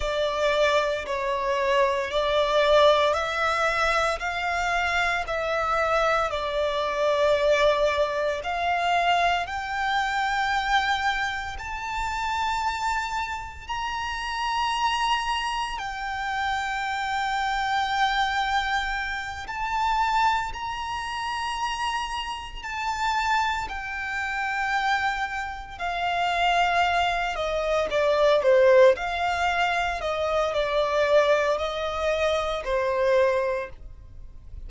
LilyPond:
\new Staff \with { instrumentName = "violin" } { \time 4/4 \tempo 4 = 57 d''4 cis''4 d''4 e''4 | f''4 e''4 d''2 | f''4 g''2 a''4~ | a''4 ais''2 g''4~ |
g''2~ g''8 a''4 ais''8~ | ais''4. a''4 g''4.~ | g''8 f''4. dis''8 d''8 c''8 f''8~ | f''8 dis''8 d''4 dis''4 c''4 | }